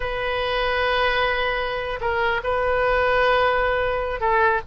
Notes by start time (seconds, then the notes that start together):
0.00 B4
2.00 A#4
2.43 B4
4.20 A4